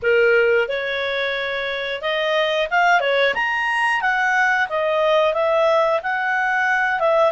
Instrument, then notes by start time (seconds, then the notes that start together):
clarinet
0.02 A#4
0.68 C#5
2.01 D#5
2.70 F5
3.00 C#5
3.34 A#5
4.01 F#5
4.69 D#5
5.33 E5
6.02 F#5
6.99 E5